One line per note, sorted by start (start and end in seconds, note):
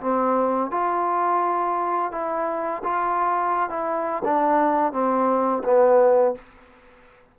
0.00 0.71 C4
0.71 2.12 F4
2.12 2.82 E4
2.84 3.70 F4
3.70 4.23 E4
4.24 4.92 D4
4.92 5.63 C4
5.64 6.35 B3